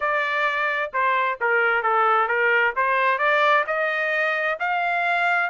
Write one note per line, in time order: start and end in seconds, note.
0.00 0.91 D5
0.93 1.38 C5
1.41 1.82 A#4
1.82 2.28 A4
2.28 2.73 A#4
2.76 3.18 C5
3.18 3.64 D5
3.66 4.58 D#5
4.59 5.50 F5